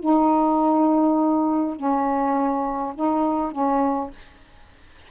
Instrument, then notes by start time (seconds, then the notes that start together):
saxophone
0.00 D#4
1.76 C#4
2.95 D#4
3.52 C#4